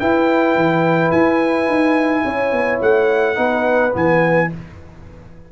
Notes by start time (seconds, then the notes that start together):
0.00 E4 B4 G5
0.56 E3
1.12 E4 G#5
1.68 D#4
2.25 C#4 C#5
2.52 B3
2.82 A3 F#5
3.36 B3 D#4 B4
3.92 E3 B3 G#5